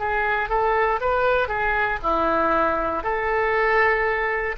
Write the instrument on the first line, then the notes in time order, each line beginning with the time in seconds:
oboe
0.00 G#4
0.49 A4
1.01 B4
1.49 G#4
2.03 E4
3.04 A4